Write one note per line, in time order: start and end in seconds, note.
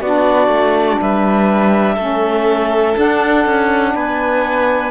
0.00 0.47 B3
0.00 1.98 D4
0.00 1.00 F#4
0.00 1.00 D5
0.47 0.97 A3
1.00 1.97 G3
1.00 1.94 B4
1.00 2.98 E5
1.94 2.95 A3
1.94 2.95 C#4
1.94 3.91 A4
2.95 4.91 D4
2.95 3.45 D4
2.95 3.95 F#5
3.45 3.94 C#4
3.94 4.91 B3
3.94 4.91 B4
3.94 4.91 G#5